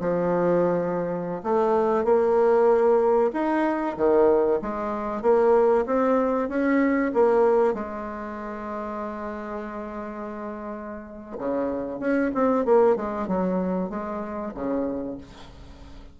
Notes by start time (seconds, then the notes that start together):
0.00 F3
1.43 A3
2.04 A#3
3.33 D#4
3.97 D#3
4.62 G#3
5.22 A#3
5.86 C4
6.49 C#4
7.14 A#3
7.74 G#3
11.38 C#3
12.00 C#4
12.34 C4
12.65 A#3
12.96 G#3
13.28 F#3
13.89 G#3
14.54 C#3